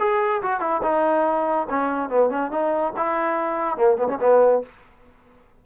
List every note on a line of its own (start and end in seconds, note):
0.00 0.42 G#4
0.43 0.61 F#4
0.61 0.82 E4
0.83 1.68 D#4
1.70 2.10 C#4
2.10 2.30 B3
2.30 2.51 C#4
2.51 2.94 D#4
2.97 3.77 E4
3.77 3.98 A#3
3.98 4.08 B3
4.09 4.19 C#4
4.21 4.63 B3